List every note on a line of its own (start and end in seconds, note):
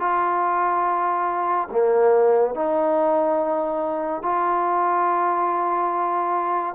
0.00 1.69 F4
1.72 2.55 A#3
2.55 4.23 D#4
4.23 6.75 F4